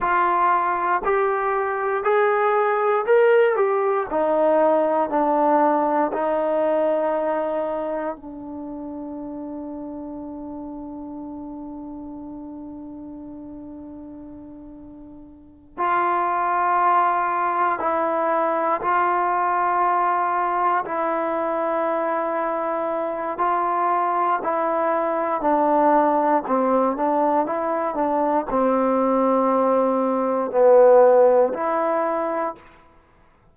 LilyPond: \new Staff \with { instrumentName = "trombone" } { \time 4/4 \tempo 4 = 59 f'4 g'4 gis'4 ais'8 g'8 | dis'4 d'4 dis'2 | d'1~ | d'2.~ d'8 f'8~ |
f'4. e'4 f'4.~ | f'8 e'2~ e'8 f'4 | e'4 d'4 c'8 d'8 e'8 d'8 | c'2 b4 e'4 | }